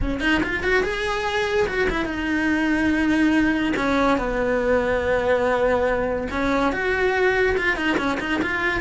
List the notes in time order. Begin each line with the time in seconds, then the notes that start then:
0.01 C#4
0.20 D#4
0.43 F4
0.63 F#4
0.83 G#4
1.67 F#4
1.89 E4
2.05 D#4
3.76 C#4
4.17 B3
6.31 C#4
6.72 F#4
7.57 F4
7.76 D#4
7.97 C#4
8.20 D#4
8.41 F4